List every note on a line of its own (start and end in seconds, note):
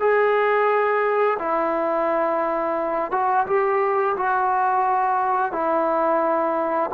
0.00 1.38 G#4
1.39 3.12 E4
3.12 3.46 F#4
3.47 4.16 G4
4.17 5.52 F#4
5.52 6.90 E4